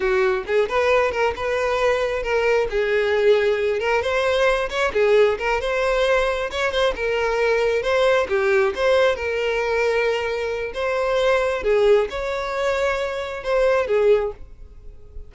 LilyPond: \new Staff \with { instrumentName = "violin" } { \time 4/4 \tempo 4 = 134 fis'4 gis'8 b'4 ais'8 b'4~ | b'4 ais'4 gis'2~ | gis'8 ais'8 c''4. cis''8 gis'4 | ais'8 c''2 cis''8 c''8 ais'8~ |
ais'4. c''4 g'4 c''8~ | c''8 ais'2.~ ais'8 | c''2 gis'4 cis''4~ | cis''2 c''4 gis'4 | }